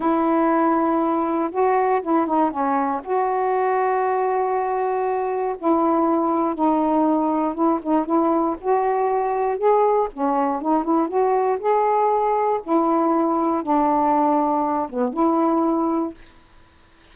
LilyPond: \new Staff \with { instrumentName = "saxophone" } { \time 4/4 \tempo 4 = 119 e'2. fis'4 | e'8 dis'8 cis'4 fis'2~ | fis'2. e'4~ | e'4 dis'2 e'8 dis'8 |
e'4 fis'2 gis'4 | cis'4 dis'8 e'8 fis'4 gis'4~ | gis'4 e'2 d'4~ | d'4. b8 e'2 | }